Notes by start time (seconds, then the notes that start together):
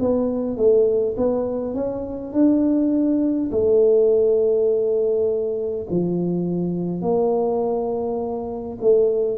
0.00 B3
0.57 A3
1.17 B3
1.74 C#4
2.33 D4
3.51 A3
5.90 F3
7.02 A#3
8.81 A3